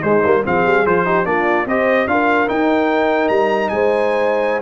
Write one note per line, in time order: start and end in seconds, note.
0.00 0.23 G#3
0.00 0.24 G#3
0.00 0.41 D#4
0.00 0.43 C5
0.24 0.45 G3
0.24 0.44 A#3
0.44 0.65 F3
0.44 0.85 C4
0.44 1.05 G#4
0.44 0.86 F5
0.65 0.85 G3
0.85 1.25 F3
0.85 1.05 F4
0.85 1.26 C5
1.05 1.24 D#4
1.05 1.26 G4
1.24 1.65 A#3
1.24 1.65 D4
1.24 1.67 F4
1.24 1.66 D5
1.65 2.06 C4
1.65 2.08 G4
1.65 2.08 C5
1.65 2.07 D#5
2.07 2.47 D4
2.07 2.47 F4
2.07 3.73 A#4
2.07 2.48 F5
2.47 4.61 D#4
2.47 3.29 D#4
2.47 3.28 G5
3.28 3.70 G3
3.28 3.69 A#5
3.69 4.61 G#3
3.69 4.61 C5
3.69 4.60 G#5